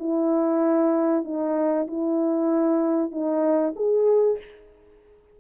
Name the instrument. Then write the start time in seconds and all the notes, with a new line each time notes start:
horn
0.00 E4
1.25 D#4
1.88 E4
3.12 D#4
3.76 G#4